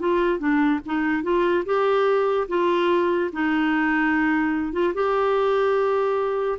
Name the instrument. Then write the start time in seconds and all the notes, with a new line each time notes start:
clarinet
0.00 F4
0.39 D4
0.86 D#4
1.24 F4
1.66 G4
2.49 F4
3.33 D#4
4.73 F4
4.95 G4